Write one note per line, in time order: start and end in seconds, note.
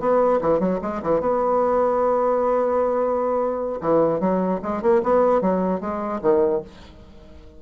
0.00 0.40 B3
0.41 0.60 E3
0.60 0.80 F#3
0.82 1.02 G#3
1.02 1.21 E3
1.21 3.81 B3
3.81 4.20 E3
4.20 4.60 F#3
4.63 4.82 G#3
4.82 5.02 A#3
5.03 5.41 B3
5.41 5.81 F#3
5.81 6.21 G#3
6.22 6.62 D#3